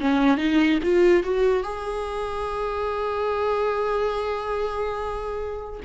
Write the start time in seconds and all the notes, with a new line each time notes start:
0.00 C#4
0.37 D#4
0.83 F4
1.23 F#4
1.63 G#4